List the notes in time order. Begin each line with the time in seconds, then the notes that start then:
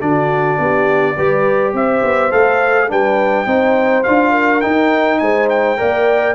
0.00 D3 D4 F#4 D5
0.59 B3 G4
1.15 G3 G4 B4
1.74 C4 C5 E5
2.04 B3
2.31 A3 A4 F5
2.88 G3 D4 B4 G5
3.46 C4 D#4 C5
4.04 D4 F4 F5
4.31 A#4
4.61 D#4 G5
5.19 G#3 C5 G#5
5.50 G5
5.77 A#3 A#4 D5